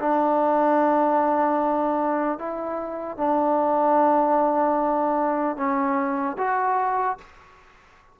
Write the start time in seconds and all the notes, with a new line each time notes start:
0.00 D4
2.39 E4
3.18 D4
5.57 C#4
6.38 F#4